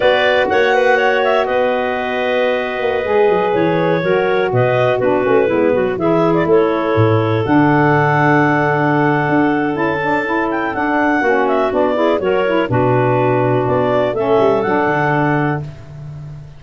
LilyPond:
<<
  \new Staff \with { instrumentName = "clarinet" } { \time 4/4 \tempo 4 = 123 d''4 fis''4. e''8 dis''4~ | dis''2.~ dis''16 cis''8.~ | cis''4~ cis''16 dis''4 b'4.~ b'16~ | b'16 e''8. d''16 cis''2 fis''8.~ |
fis''1 | a''4. g''8 fis''4. e''8 | d''4 cis''4 b'2 | d''4 e''4 fis''2 | }
  \new Staff \with { instrumentName = "clarinet" } { \time 4/4 b'4 cis''8 b'8 cis''4 b'4~ | b'1~ | b'16 ais'4 b'4 fis'4 e'8 fis'16~ | fis'16 gis'4 a'2~ a'8.~ |
a'1~ | a'2. fis'4~ | fis'8 gis'8 ais'4 fis'2~ | fis'4 a'2. | }
  \new Staff \with { instrumentName = "saxophone" } { \time 4/4 fis'1~ | fis'2~ fis'16 gis'4.~ gis'16~ | gis'16 fis'2 d'8 cis'8 b8.~ | b16 e'2. d'8.~ |
d'1 | e'8 d'8 e'4 d'4 cis'4 | d'8 e'8 fis'8 e'8 d'2~ | d'4 cis'4 d'2 | }
  \new Staff \with { instrumentName = "tuba" } { \time 4/4 b4 ais2 b4~ | b4.~ b16 ais8 gis8 fis8 e8.~ | e16 fis4 b,4 b8 a8 gis8 fis16~ | fis16 e4 a4 a,4 d8.~ |
d2. d'4 | cis'2 d'4 ais4 | b4 fis4 b,2 | b4 a8 g8 fis8 d4. | }
>>